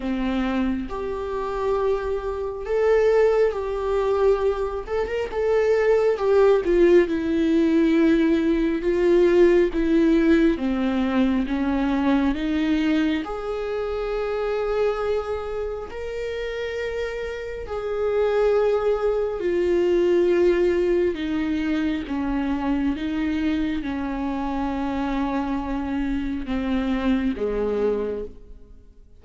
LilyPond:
\new Staff \with { instrumentName = "viola" } { \time 4/4 \tempo 4 = 68 c'4 g'2 a'4 | g'4. a'16 ais'16 a'4 g'8 f'8 | e'2 f'4 e'4 | c'4 cis'4 dis'4 gis'4~ |
gis'2 ais'2 | gis'2 f'2 | dis'4 cis'4 dis'4 cis'4~ | cis'2 c'4 gis4 | }